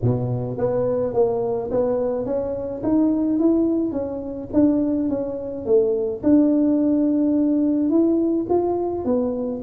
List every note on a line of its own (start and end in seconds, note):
0.02 0.57 B2
0.57 1.13 B3
1.13 1.70 A#3
1.70 2.25 B3
2.25 2.82 C#4
2.83 3.39 D#4
3.39 3.92 E4
3.92 4.48 C#4
4.53 5.09 D4
5.09 5.65 C#4
5.65 6.22 A3
6.23 7.89 D4
7.89 8.46 E4
8.49 9.05 F4
9.05 9.61 B3